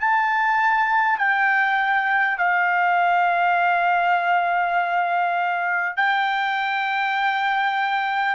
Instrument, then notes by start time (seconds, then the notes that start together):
trumpet
0.00 A5
1.18 G5
2.37 F5
5.97 G5